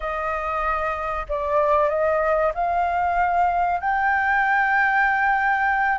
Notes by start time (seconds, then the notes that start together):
0.00 D#5
1.28 D5
1.89 D#5
2.54 F5
3.80 G5